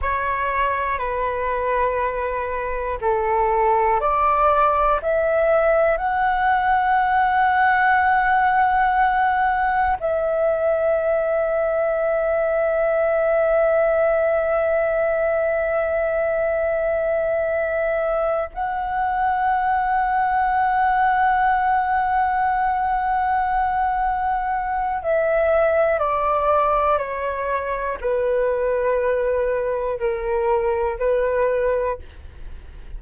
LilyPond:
\new Staff \with { instrumentName = "flute" } { \time 4/4 \tempo 4 = 60 cis''4 b'2 a'4 | d''4 e''4 fis''2~ | fis''2 e''2~ | e''1~ |
e''2~ e''8 fis''4.~ | fis''1~ | fis''4 e''4 d''4 cis''4 | b'2 ais'4 b'4 | }